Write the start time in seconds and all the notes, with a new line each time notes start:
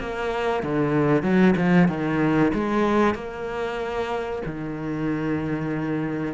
0.00 A#3
0.63 D3
1.23 F#3
1.56 F3
1.88 D#3
2.54 G#3
3.15 A#3
4.46 D#3